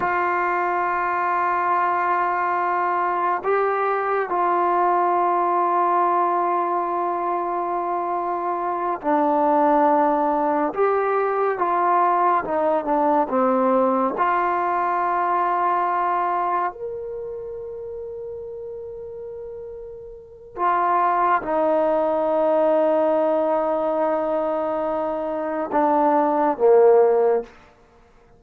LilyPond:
\new Staff \with { instrumentName = "trombone" } { \time 4/4 \tempo 4 = 70 f'1 | g'4 f'2.~ | f'2~ f'8 d'4.~ | d'8 g'4 f'4 dis'8 d'8 c'8~ |
c'8 f'2. ais'8~ | ais'1 | f'4 dis'2.~ | dis'2 d'4 ais4 | }